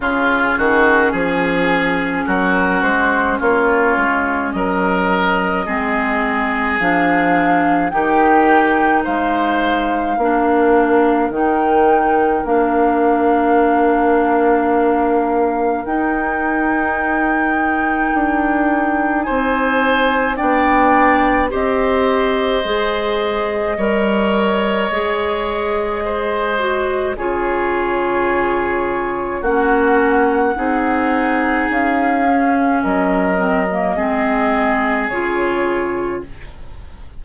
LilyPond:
<<
  \new Staff \with { instrumentName = "flute" } { \time 4/4 \tempo 4 = 53 gis'2 ais'8 c''8 cis''4 | dis''2 f''4 g''4 | f''2 g''4 f''4~ | f''2 g''2~ |
g''4 gis''4 g''4 dis''4~ | dis''1 | cis''2 fis''2 | f''4 dis''2 cis''4 | }
  \new Staff \with { instrumentName = "oboe" } { \time 4/4 f'8 fis'8 gis'4 fis'4 f'4 | ais'4 gis'2 g'4 | c''4 ais'2.~ | ais'1~ |
ais'4 c''4 d''4 c''4~ | c''4 cis''2 c''4 | gis'2 fis'4 gis'4~ | gis'4 ais'4 gis'2 | }
  \new Staff \with { instrumentName = "clarinet" } { \time 4/4 cis'1~ | cis'4 c'4 d'4 dis'4~ | dis'4 d'4 dis'4 d'4~ | d'2 dis'2~ |
dis'2 d'4 g'4 | gis'4 ais'4 gis'4. fis'8 | f'2 cis'4 dis'4~ | dis'8 cis'4 c'16 ais16 c'4 f'4 | }
  \new Staff \with { instrumentName = "bassoon" } { \time 4/4 cis8 dis8 f4 fis8 gis8 ais8 gis8 | fis4 gis4 f4 dis4 | gis4 ais4 dis4 ais4~ | ais2 dis'2 |
d'4 c'4 b4 c'4 | gis4 g4 gis2 | cis2 ais4 c'4 | cis'4 fis4 gis4 cis4 | }
>>